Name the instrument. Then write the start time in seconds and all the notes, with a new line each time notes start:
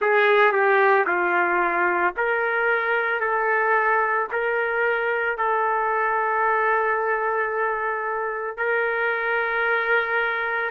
trumpet
0.00 G#4
0.52 G4
1.07 F4
2.16 A#4
3.20 A4
4.31 A#4
5.37 A4
8.57 A#4